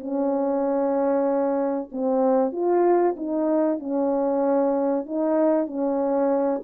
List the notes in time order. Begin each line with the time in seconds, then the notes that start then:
0.00 C#4
1.91 C4
2.52 F4
3.16 D#4
3.79 C#4
5.06 D#4
5.67 C#4